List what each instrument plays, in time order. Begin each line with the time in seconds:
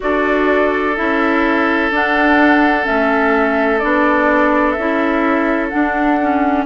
0.00 bassoon D4, clarinet F#4, oboe A4, flute D5
0.96 bassoon C#4, clarinet E4, flute E5
1.90 bassoon D4, clarinet D4, flute F#5
2.84 bassoon A3, clarinet C#4, flute E5
3.79 bassoon B3, clarinet D4, flute D5
4.71 bassoon C#4, flute E5
4.79 clarinet E4
5.69 clarinet D4, bassoon D4, flute F#5
6.20 clarinet C#4